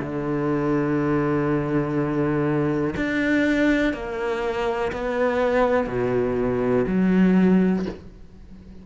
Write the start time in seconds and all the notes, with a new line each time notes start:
0.00 D3
2.96 D4
3.94 A#3
4.93 B3
5.87 B2
6.87 F#3